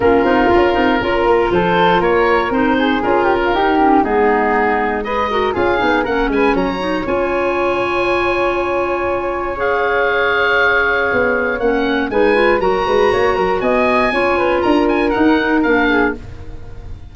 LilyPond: <<
  \new Staff \with { instrumentName = "oboe" } { \time 4/4 \tempo 4 = 119 ais'2. c''4 | cis''4 c''4 ais'2 | gis'2 dis''4 f''4 | fis''8 gis''8 ais''4 gis''2~ |
gis''2. f''4~ | f''2. fis''4 | gis''4 ais''2 gis''4~ | gis''4 ais''8 gis''8 fis''4 f''4 | }
  \new Staff \with { instrumentName = "flute" } { \time 4/4 f'2 ais'4 a'4 | ais'4. gis'4 g'16 f'16 g'4 | dis'2 b'8 ais'8 gis'4 | ais'8 b'8 cis''2.~ |
cis''1~ | cis''1 | b'4 ais'8 b'8 cis''8 ais'8 dis''4 | cis''8 b'8 ais'2~ ais'8 gis'8 | }
  \new Staff \with { instrumentName = "clarinet" } { \time 4/4 cis'8 dis'8 f'8 dis'8 f'2~ | f'4 dis'4 f'4 dis'8 cis'8 | b2 gis'8 fis'8 f'8 dis'8 | cis'4. dis'8 f'2~ |
f'2. gis'4~ | gis'2. cis'4 | dis'8 f'8 fis'2. | f'2 dis'4 d'4 | }
  \new Staff \with { instrumentName = "tuba" } { \time 4/4 ais8 c'8 cis'8 c'8 cis'8 ais8 f4 | ais4 c'4 cis'4 dis'4 | gis2. cis'8 b8 | ais8 gis8 fis4 cis'2~ |
cis'1~ | cis'2 b4 ais4 | gis4 fis8 gis8 ais8 fis8 b4 | cis'4 d'4 dis'4 ais4 | }
>>